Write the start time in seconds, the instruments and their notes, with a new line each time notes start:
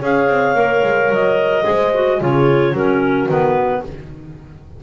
0.00 double bass C#4, clarinet G#4 F5, horn C#5
0.28 double bass C4
0.55 double bass A#3, clarinet A#4
0.84 double bass G#3
1.10 double bass F#3, clarinet D#5
1.64 double bass G#3, clarinet G#4, horn C5
1.95 clarinet F#4
2.20 double bass C#3, clarinet F4 C#5, horn G#4
2.73 double bass F#3, clarinet C#4 A#4, horn F#4
3.29 double bass D#3, clarinet B3 B4